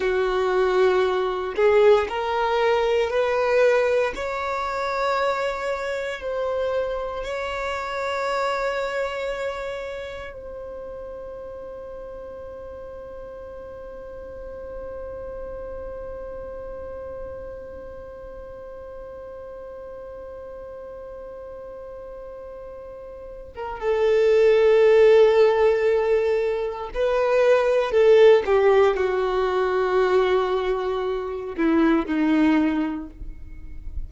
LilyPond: \new Staff \with { instrumentName = "violin" } { \time 4/4 \tempo 4 = 58 fis'4. gis'8 ais'4 b'4 | cis''2 c''4 cis''4~ | cis''2 c''2~ | c''1~ |
c''1~ | c''2~ c''8. ais'16 a'4~ | a'2 b'4 a'8 g'8 | fis'2~ fis'8 e'8 dis'4 | }